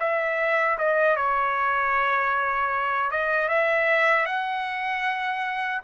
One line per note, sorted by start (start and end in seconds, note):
0.00 0.78 E5
0.78 1.17 D#5
1.17 3.11 C#5
3.11 3.49 D#5
3.49 4.26 E5
4.26 5.82 F#5